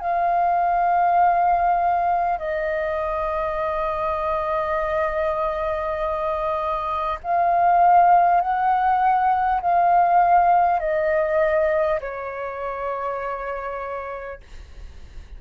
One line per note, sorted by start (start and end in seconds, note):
0.00 2.39 F5
2.39 7.19 D#5
7.24 8.41 F5
8.41 9.61 F#5
9.61 10.80 F5
10.80 12.00 D#5
12.01 14.41 C#5